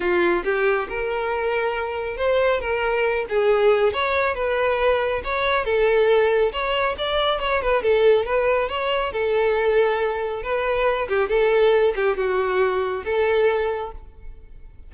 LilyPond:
\new Staff \with { instrumentName = "violin" } { \time 4/4 \tempo 4 = 138 f'4 g'4 ais'2~ | ais'4 c''4 ais'4. gis'8~ | gis'4 cis''4 b'2 | cis''4 a'2 cis''4 |
d''4 cis''8 b'8 a'4 b'4 | cis''4 a'2. | b'4. g'8 a'4. g'8 | fis'2 a'2 | }